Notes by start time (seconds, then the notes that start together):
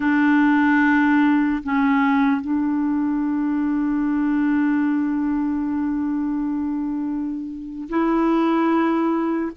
0.00 D4
1.63 C#4
2.41 D4
7.89 E4